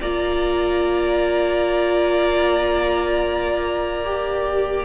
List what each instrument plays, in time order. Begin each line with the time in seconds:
0.00 cello A#3, viola F4, violin D5 A#5
4.05 viola G4